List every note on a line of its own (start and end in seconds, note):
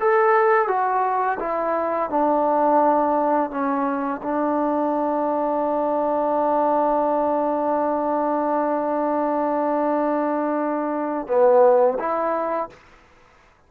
0.00 0.68 A4
0.68 1.38 F#4
1.39 2.10 E4
2.10 3.50 D4
3.50 4.21 C#4
4.23 11.27 D4
11.27 11.98 B3
11.99 12.69 E4